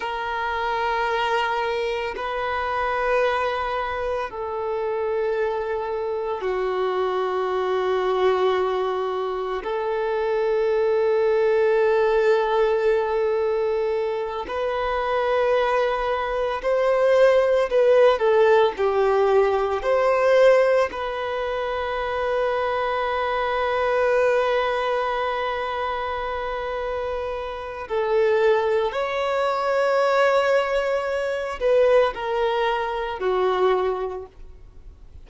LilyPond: \new Staff \with { instrumentName = "violin" } { \time 4/4 \tempo 4 = 56 ais'2 b'2 | a'2 fis'2~ | fis'4 a'2.~ | a'4. b'2 c''8~ |
c''8 b'8 a'8 g'4 c''4 b'8~ | b'1~ | b'2 a'4 cis''4~ | cis''4. b'8 ais'4 fis'4 | }